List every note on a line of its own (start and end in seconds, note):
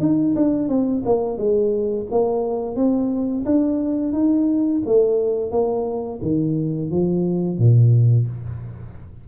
0.00 0.34 D#4
0.35 0.68 D4
0.68 1.03 C4
1.06 1.38 A#3
1.38 2.07 G#3
2.11 2.76 A#3
2.76 3.45 C4
3.45 4.13 D4
4.13 4.82 D#4
4.86 5.51 A3
5.51 6.20 A#3
6.22 6.91 D#3
6.91 7.58 F3
7.58 8.27 A#2